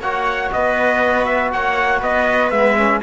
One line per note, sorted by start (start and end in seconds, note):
0.00 0.50 A#3
0.00 2.52 F#4
0.00 0.51 C#5
0.00 0.51 F#5
0.52 1.52 B3
0.52 1.53 B4
0.52 1.25 D#5
1.25 1.50 E5
1.52 2.02 A#3
1.52 1.99 C#5
1.52 2.02 F#5
1.99 2.51 B3
1.99 2.99 B4
1.99 2.50 D#5
2.50 3.01 G#3
2.50 2.77 B3
2.50 3.00 E5
2.77 3.02 C#4